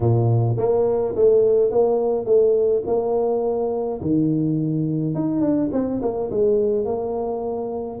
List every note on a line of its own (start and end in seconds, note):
0.00 0.56 A#2
0.57 1.15 A#3
1.15 1.70 A3
1.70 2.25 A#3
2.25 2.83 A3
2.86 4.01 A#3
4.01 5.14 D#3
5.14 5.41 D#4
5.41 5.69 D4
5.72 6.01 C4
6.02 6.30 A#3
6.30 6.85 G#3
6.85 7.99 A#3